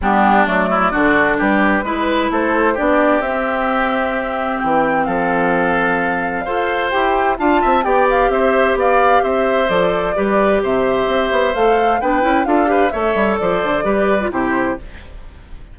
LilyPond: <<
  \new Staff \with { instrumentName = "flute" } { \time 4/4 \tempo 4 = 130 g'4 d''2 b'4~ | b'4 c''4 d''4 e''4~ | e''2 g''4 f''4~ | f''2. g''4 |
a''4 g''8 f''8 e''4 f''4 | e''4 d''2 e''4~ | e''4 f''4 g''4 f''4 | e''4 d''2 c''4 | }
  \new Staff \with { instrumentName = "oboe" } { \time 4/4 d'4. e'8 fis'4 g'4 | b'4 a'4 g'2~ | g'2. a'4~ | a'2 c''2 |
f''8 e''8 d''4 c''4 d''4 | c''2 b'4 c''4~ | c''2 b'4 a'8 b'8 | cis''4 c''4 b'4 g'4 | }
  \new Staff \with { instrumentName = "clarinet" } { \time 4/4 b4 a4 d'2 | e'2 d'4 c'4~ | c'1~ | c'2 a'4 g'4 |
f'4 g'2.~ | g'4 a'4 g'2~ | g'4 a'4 d'8 e'8 f'8 g'8 | a'2 g'8. f'16 e'4 | }
  \new Staff \with { instrumentName = "bassoon" } { \time 4/4 g4 fis4 d4 g4 | gis4 a4 b4 c'4~ | c'2 e4 f4~ | f2 f'4 e'4 |
d'8 c'8 b4 c'4 b4 | c'4 f4 g4 c4 | c'8 b8 a4 b8 cis'8 d'4 | a8 g8 f8 d8 g4 c4 | }
>>